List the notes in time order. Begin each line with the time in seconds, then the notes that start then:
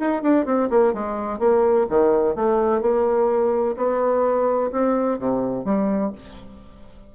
0.00 D#4
0.23 D4
0.46 C4
0.70 A#3
0.94 G#3
1.40 A#3
1.90 D#3
2.36 A3
2.82 A#3
3.77 B3
4.72 C4
5.19 C3
5.65 G3